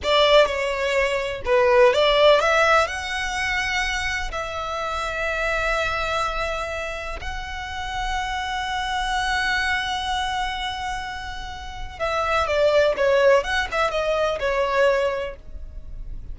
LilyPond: \new Staff \with { instrumentName = "violin" } { \time 4/4 \tempo 4 = 125 d''4 cis''2 b'4 | d''4 e''4 fis''2~ | fis''4 e''2.~ | e''2. fis''4~ |
fis''1~ | fis''1~ | fis''4 e''4 d''4 cis''4 | fis''8 e''8 dis''4 cis''2 | }